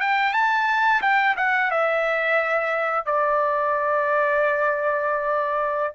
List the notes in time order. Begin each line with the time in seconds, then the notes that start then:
0.00 G5
0.33 A5
1.02 G5
1.37 F#5
1.71 E5
3.06 D5